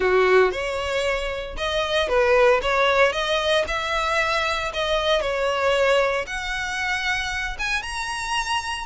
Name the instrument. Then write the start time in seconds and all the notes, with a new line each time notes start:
violin
0.00 F#4
0.51 C#5
1.57 D#5
2.08 B4
2.62 C#5
3.12 D#5
3.67 E5
4.73 D#5
5.21 C#5
6.26 F#5
7.58 G#5
7.82 A#5